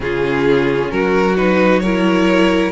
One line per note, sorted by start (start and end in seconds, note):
0.00 0.90 C#3
0.00 1.34 C#4
0.00 0.92 F4
0.00 0.90 G#4
0.90 2.72 F#3
0.90 1.82 F#4
0.90 1.36 A#4
1.37 1.82 D#4
1.37 1.80 B4
1.80 2.72 E4
1.80 2.72 A#4
1.80 2.71 C#5